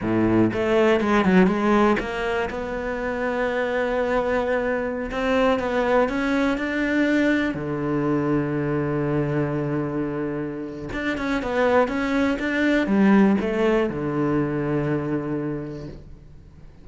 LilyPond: \new Staff \with { instrumentName = "cello" } { \time 4/4 \tempo 4 = 121 a,4 a4 gis8 fis8 gis4 | ais4 b2.~ | b2~ b16 c'4 b8.~ | b16 cis'4 d'2 d8.~ |
d1~ | d2 d'8 cis'8 b4 | cis'4 d'4 g4 a4 | d1 | }